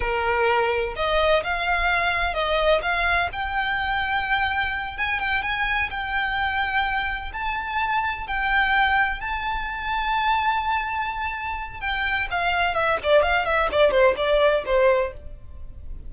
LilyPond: \new Staff \with { instrumentName = "violin" } { \time 4/4 \tempo 4 = 127 ais'2 dis''4 f''4~ | f''4 dis''4 f''4 g''4~ | g''2~ g''8 gis''8 g''8 gis''8~ | gis''8 g''2. a''8~ |
a''4. g''2 a''8~ | a''1~ | a''4 g''4 f''4 e''8 d''8 | f''8 e''8 d''8 c''8 d''4 c''4 | }